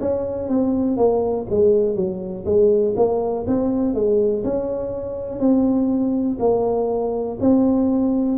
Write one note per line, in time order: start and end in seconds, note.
0.00 0.48 C#4
0.48 0.97 C4
0.97 1.46 A#3
1.49 1.95 G#3
1.95 2.45 F#3
2.45 2.94 G#3
2.96 3.45 A#3
3.47 3.94 C4
3.94 4.43 G#3
4.44 5.39 C#4
5.39 6.38 C4
6.39 7.38 A#3
7.40 8.37 C4